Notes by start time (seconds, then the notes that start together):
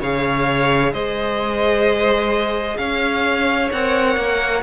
0.00 C#3 G#4 C#5 F5
0.92 G#3 C5 D#5
2.77 C#4 C#5 F5
3.72 C4 A#4 F#5
4.16 A#3